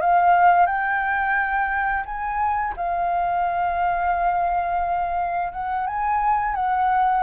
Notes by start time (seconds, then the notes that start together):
0.00 F5
0.66 G5
2.05 G#5
2.76 F5
5.52 F#5
5.86 G#5
6.55 F#5